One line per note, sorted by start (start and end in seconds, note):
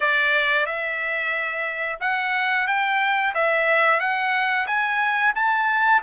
0.00 0.65 D5
0.65 1.99 E5
2.00 2.67 F#5
2.67 3.33 G5
3.34 3.99 E5
3.99 4.66 F#5
4.66 5.33 G#5
5.35 6.02 A5